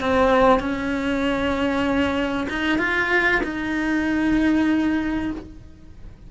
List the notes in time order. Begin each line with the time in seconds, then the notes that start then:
0.00 C4
0.59 C#4
2.49 D#4
2.78 F4
3.43 D#4